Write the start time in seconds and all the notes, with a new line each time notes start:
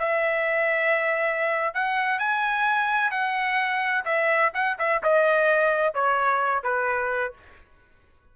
0.00 E5
1.75 F#5
2.19 G#5
3.12 F#5
4.06 E5
4.54 F#5
4.79 E5
5.03 D#5
5.95 C#5
6.64 B4